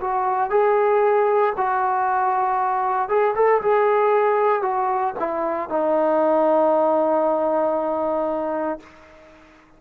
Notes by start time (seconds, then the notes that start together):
0.00 F#4
0.49 G#4
1.57 F#4
3.08 G#4
3.35 A4
3.61 G#4
4.62 F#4
5.19 E4
5.69 D#4